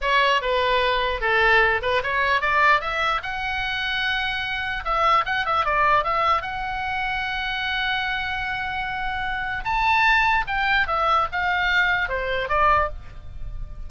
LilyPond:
\new Staff \with { instrumentName = "oboe" } { \time 4/4 \tempo 4 = 149 cis''4 b'2 a'4~ | a'8 b'8 cis''4 d''4 e''4 | fis''1 | e''4 fis''8 e''8 d''4 e''4 |
fis''1~ | fis''1 | a''2 g''4 e''4 | f''2 c''4 d''4 | }